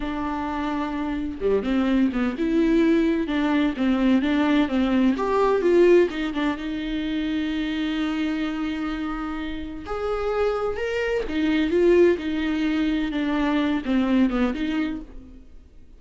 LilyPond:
\new Staff \with { instrumentName = "viola" } { \time 4/4 \tempo 4 = 128 d'2. g8 c'8~ | c'8 b8 e'2 d'4 | c'4 d'4 c'4 g'4 | f'4 dis'8 d'8 dis'2~ |
dis'1~ | dis'4 gis'2 ais'4 | dis'4 f'4 dis'2 | d'4. c'4 b8 dis'4 | }